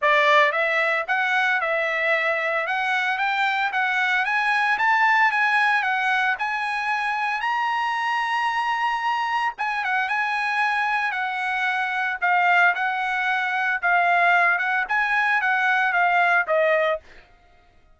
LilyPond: \new Staff \with { instrumentName = "trumpet" } { \time 4/4 \tempo 4 = 113 d''4 e''4 fis''4 e''4~ | e''4 fis''4 g''4 fis''4 | gis''4 a''4 gis''4 fis''4 | gis''2 ais''2~ |
ais''2 gis''8 fis''8 gis''4~ | gis''4 fis''2 f''4 | fis''2 f''4. fis''8 | gis''4 fis''4 f''4 dis''4 | }